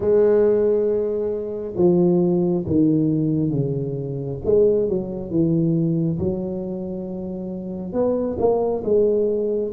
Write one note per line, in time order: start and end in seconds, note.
0.00 1.74 G#3
1.76 2.64 F3
2.66 3.50 D#3
3.50 4.38 C#3
4.44 4.88 G#3
4.88 5.30 F#3
5.30 6.18 E3
6.18 7.93 F#3
7.93 8.37 B3
8.38 8.82 A#3
8.84 9.72 G#3